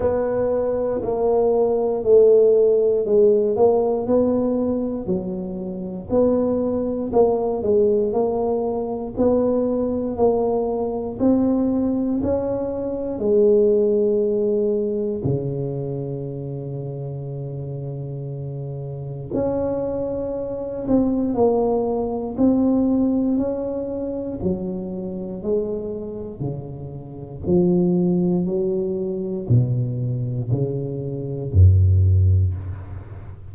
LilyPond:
\new Staff \with { instrumentName = "tuba" } { \time 4/4 \tempo 4 = 59 b4 ais4 a4 gis8 ais8 | b4 fis4 b4 ais8 gis8 | ais4 b4 ais4 c'4 | cis'4 gis2 cis4~ |
cis2. cis'4~ | cis'8 c'8 ais4 c'4 cis'4 | fis4 gis4 cis4 f4 | fis4 b,4 cis4 fis,4 | }